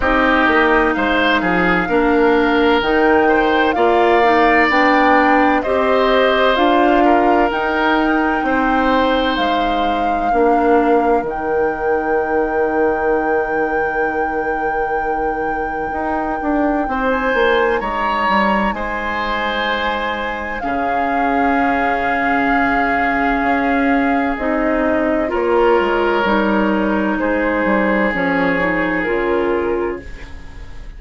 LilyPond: <<
  \new Staff \with { instrumentName = "flute" } { \time 4/4 \tempo 4 = 64 dis''4 f''2 g''4 | f''4 g''4 dis''4 f''4 | g''2 f''2 | g''1~ |
g''2~ g''16 gis''8. ais''4 | gis''2 f''2~ | f''2 dis''4 cis''4~ | cis''4 c''4 cis''4 ais'4 | }
  \new Staff \with { instrumentName = "oboe" } { \time 4/4 g'4 c''8 gis'8 ais'4. c''8 | d''2 c''4. ais'8~ | ais'4 c''2 ais'4~ | ais'1~ |
ais'2 c''4 cis''4 | c''2 gis'2~ | gis'2. ais'4~ | ais'4 gis'2. | }
  \new Staff \with { instrumentName = "clarinet" } { \time 4/4 dis'2 d'4 dis'4 | f'8 dis'8 d'4 g'4 f'4 | dis'2. d'4 | dis'1~ |
dis'1~ | dis'2 cis'2~ | cis'2 dis'4 f'4 | dis'2 cis'8 dis'8 f'4 | }
  \new Staff \with { instrumentName = "bassoon" } { \time 4/4 c'8 ais8 gis8 f8 ais4 dis4 | ais4 b4 c'4 d'4 | dis'4 c'4 gis4 ais4 | dis1~ |
dis4 dis'8 d'8 c'8 ais8 gis8 g8 | gis2 cis2~ | cis4 cis'4 c'4 ais8 gis8 | g4 gis8 g8 f4 cis4 | }
>>